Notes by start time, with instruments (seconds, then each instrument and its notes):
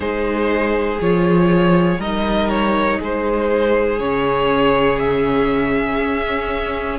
0.00 cello G#3, viola D#4, violin G#4 C5
1.00 cello F3, viola F4, violin C#5
1.97 cello G3, viola D#4, violin A#4 D#5
2.49 violin C#5
2.99 cello G#3, violin G#4 C5
3.99 cello C#3, viola C#4, violin C#5
4.99 violin E5
5.99 cello C#4